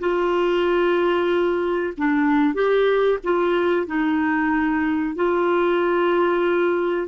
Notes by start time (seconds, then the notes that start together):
0.00 F4
1.98 D4
2.54 G4
3.24 F4
3.87 D#4
5.16 F4